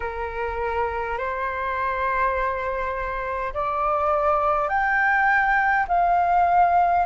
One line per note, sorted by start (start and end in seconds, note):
0.00 1.18 A#4
1.18 3.53 C5
3.53 4.68 D5
4.68 5.86 G5
5.88 7.05 F5